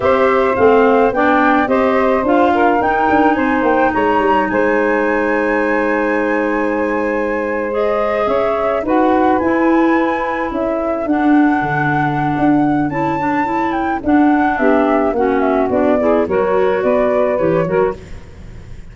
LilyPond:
<<
  \new Staff \with { instrumentName = "flute" } { \time 4/4 \tempo 4 = 107 e''4 f''4 g''4 dis''4 | f''4 g''4 gis''8 g''8 ais''4 | gis''1~ | gis''4.~ gis''16 dis''4 e''4 fis''16~ |
fis''8. gis''2 e''4 fis''16~ | fis''2. a''4~ | a''8 g''8 fis''4 e''4 fis''8 e''8 | d''4 cis''4 d''4 cis''4 | }
  \new Staff \with { instrumentName = "saxophone" } { \time 4/4 c''2 d''4 c''4~ | c''8 ais'4. c''4 cis''4 | c''1~ | c''2~ c''8. cis''4 b'16~ |
b'2~ b'8. a'4~ a'16~ | a'1~ | a'2 g'4 fis'4~ | fis'8 gis'8 ais'4 b'4. ais'8 | }
  \new Staff \with { instrumentName = "clarinet" } { \time 4/4 g'4 c'4 d'4 g'4 | f'4 dis'2.~ | dis'1~ | dis'4.~ dis'16 gis'2 fis'16~ |
fis'8. e'2. d'16~ | d'2. e'8 d'8 | e'4 d'2 cis'4 | d'8 e'8 fis'2 g'8 fis'8 | }
  \new Staff \with { instrumentName = "tuba" } { \time 4/4 c'4 a4 b4 c'4 | d'4 dis'8 d'8 c'8 ais8 gis8 g8 | gis1~ | gis2~ gis8. cis'4 dis'16~ |
dis'8. e'2 cis'4 d'16~ | d'8. d4~ d16 d'4 cis'4~ | cis'4 d'4 b4 ais4 | b4 fis4 b4 e8 fis8 | }
>>